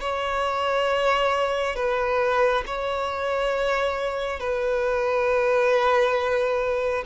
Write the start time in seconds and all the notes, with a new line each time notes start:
0.00 C#5
1.75 B4
2.66 C#5
4.39 B4